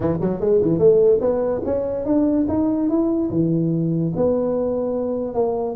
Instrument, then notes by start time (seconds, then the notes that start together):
tuba
0.00 E3
0.20 F#3
0.40 G#3
0.61 E3
0.79 A3
1.20 B3
1.65 C#4
2.05 D4
2.48 D#4
2.89 E4
3.30 E3
4.16 B3
5.34 A#3